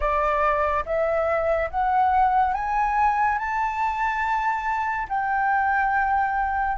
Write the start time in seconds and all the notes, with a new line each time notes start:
0.00 D5
0.85 E5
1.70 F#5
2.54 G#5
3.38 A5
5.08 G5